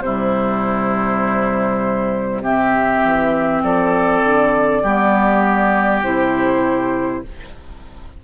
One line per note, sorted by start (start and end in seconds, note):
0.00 3.00 C3
0.00 2.44 G3
0.00 2.43 E4
0.00 2.41 C5
2.43 4.84 C4
2.43 3.62 G4
2.43 3.63 E5
3.04 3.63 E3
3.63 4.23 F3
3.63 4.83 A4
3.63 6.03 D5
4.24 4.83 D3
4.83 6.03 G3
4.83 6.04 B3
4.83 7.23 G4
6.03 7.23 C3
6.03 7.24 E4
6.03 7.23 C5